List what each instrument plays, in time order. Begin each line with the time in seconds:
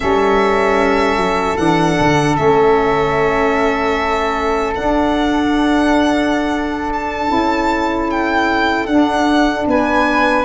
0.00 tuba G3, saxophone C#4, flute A4, violin E5
1.16 tuba F#3
1.57 tuba E3, saxophone D4, violin F#5
2.00 tuba D3
2.36 tuba A3, saxophone C#4, violin E5
4.73 saxophone D4, tuba D4, violin F#5
6.92 violin A5
7.28 tuba C#4, saxophone E4
8.10 violin G5
8.86 tuba D4, saxophone D4, violin F#5
9.66 tuba B3, flute B4, violin G#5